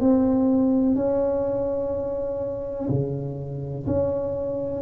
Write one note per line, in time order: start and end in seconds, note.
0.00 0.95 C4
0.95 2.89 C#4
2.89 3.86 C#3
3.86 4.81 C#4